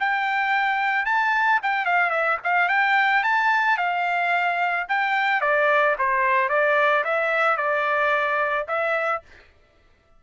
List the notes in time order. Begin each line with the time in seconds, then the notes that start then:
0.00 G5
1.06 A5
1.63 G5
1.86 F5
2.10 E5
2.44 F5
2.69 G5
3.24 A5
3.78 F5
4.89 G5
5.41 D5
5.99 C5
6.49 D5
7.05 E5
7.57 D5
8.68 E5